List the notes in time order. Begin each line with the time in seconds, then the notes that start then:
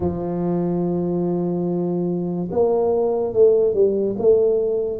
0.00 F3
2.51 A#3
3.33 A3
3.73 G3
4.18 A3